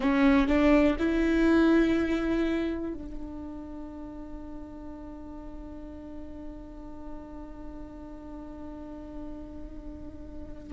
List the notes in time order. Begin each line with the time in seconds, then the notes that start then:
0.00 C#4
0.47 D4
0.98 E4
2.93 D4